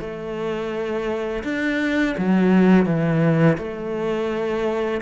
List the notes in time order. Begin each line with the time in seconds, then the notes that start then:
0.00 A3
1.44 D4
2.17 F#3
2.85 E3
3.57 A3